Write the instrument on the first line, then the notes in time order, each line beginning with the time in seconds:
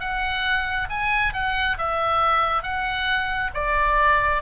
oboe
0.00 F#5
0.89 G#5
1.33 F#5
1.78 E5
2.63 F#5
3.54 D5